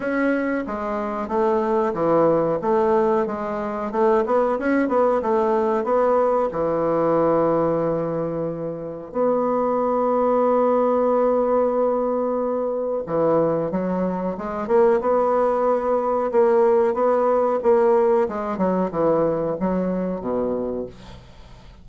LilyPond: \new Staff \with { instrumentName = "bassoon" } { \time 4/4 \tempo 4 = 92 cis'4 gis4 a4 e4 | a4 gis4 a8 b8 cis'8 b8 | a4 b4 e2~ | e2 b2~ |
b1 | e4 fis4 gis8 ais8 b4~ | b4 ais4 b4 ais4 | gis8 fis8 e4 fis4 b,4 | }